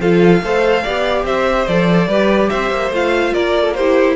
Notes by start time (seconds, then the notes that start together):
0.00 F3 F4 A4 F5
0.42 A3 A4 C5
0.83 B3 G4 D5
1.24 C4 C5 E5
1.68 F3 A4 D5
2.08 G3 G4 B4
2.50 C4 C5 E5
2.71 A#3
2.91 A3 F4 F5
3.33 A#3 A#4 D5
3.63 A4
3.74 E4 G4 C5